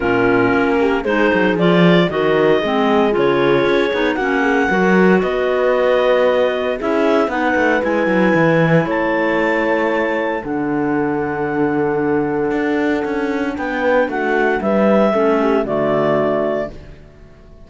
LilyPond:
<<
  \new Staff \with { instrumentName = "clarinet" } { \time 4/4 \tempo 4 = 115 ais'2 c''4 d''4 | dis''2 cis''2 | fis''2 dis''2~ | dis''4 e''4 fis''4 gis''4~ |
gis''4 a''2. | fis''1~ | fis''2 g''4 fis''4 | e''2 d''2 | }
  \new Staff \with { instrumentName = "horn" } { \time 4/4 f'4. g'8 gis'2 | ais'4 gis'2. | fis'8 gis'8 ais'4 b'2~ | b'4 gis'4 b'2~ |
b'4 cis''2. | a'1~ | a'2 b'4 fis'4 | b'4 a'8 g'8 fis'2 | }
  \new Staff \with { instrumentName = "clarinet" } { \time 4/4 cis'2 dis'4 f'4 | fis'4 c'4 f'4. dis'8 | cis'4 fis'2.~ | fis'4 e'4 dis'4 e'4~ |
e'1 | d'1~ | d'1~ | d'4 cis'4 a2 | }
  \new Staff \with { instrumentName = "cello" } { \time 4/4 ais,4 ais4 gis8 fis8 f4 | dis4 gis4 cis4 cis'8 b8 | ais4 fis4 b2~ | b4 cis'4 b8 a8 gis8 fis8 |
e4 a2. | d1 | d'4 cis'4 b4 a4 | g4 a4 d2 | }
>>